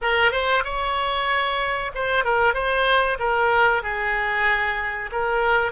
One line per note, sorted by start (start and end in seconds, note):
0.01 0.31 A#4
0.31 0.63 C5
0.64 1.91 C#5
1.94 2.24 C5
2.24 2.54 A#4
2.54 3.17 C5
3.19 3.82 A#4
3.82 5.10 G#4
5.12 5.72 A#4